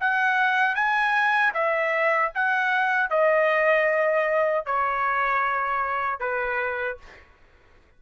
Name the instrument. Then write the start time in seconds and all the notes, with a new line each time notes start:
trumpet
0.00 F#5
0.75 G#5
1.54 E5
2.34 F#5
3.10 D#5
4.65 C#5
6.19 B4